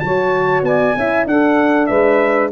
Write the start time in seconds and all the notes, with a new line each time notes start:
0.00 F#3 F#4 C#5 A5
0.63 B3 D5 G#5
0.97 C#4 E4 E5
1.26 D4 A4 F#5
1.87 G#3 B4 E5